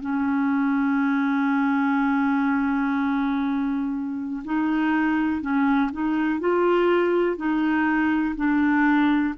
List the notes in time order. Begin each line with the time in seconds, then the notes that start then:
0.00 C#4
4.44 D#4
5.41 C#4
5.92 D#4
6.39 F4
7.36 D#4
8.35 D4